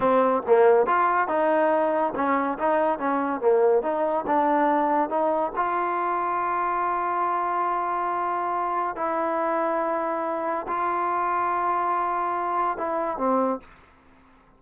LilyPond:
\new Staff \with { instrumentName = "trombone" } { \time 4/4 \tempo 4 = 141 c'4 ais4 f'4 dis'4~ | dis'4 cis'4 dis'4 cis'4 | ais4 dis'4 d'2 | dis'4 f'2.~ |
f'1~ | f'4 e'2.~ | e'4 f'2.~ | f'2 e'4 c'4 | }